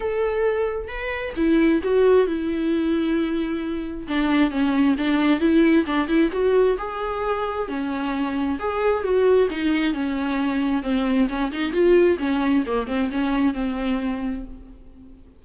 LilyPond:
\new Staff \with { instrumentName = "viola" } { \time 4/4 \tempo 4 = 133 a'2 b'4 e'4 | fis'4 e'2.~ | e'4 d'4 cis'4 d'4 | e'4 d'8 e'8 fis'4 gis'4~ |
gis'4 cis'2 gis'4 | fis'4 dis'4 cis'2 | c'4 cis'8 dis'8 f'4 cis'4 | ais8 c'8 cis'4 c'2 | }